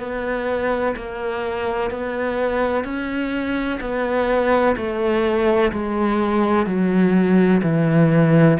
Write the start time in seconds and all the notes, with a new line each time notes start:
0.00 B3
0.97 A#3
1.90 B3
2.84 C#4
3.81 B3
4.77 A3
5.73 G#3
6.67 F#3
7.63 E3